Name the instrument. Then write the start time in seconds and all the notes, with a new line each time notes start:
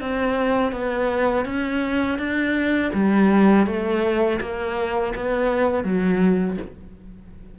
cello
0.00 C4
0.72 B3
1.45 C#4
2.18 D4
2.93 G3
3.66 A3
4.40 A#3
5.15 B3
5.84 F#3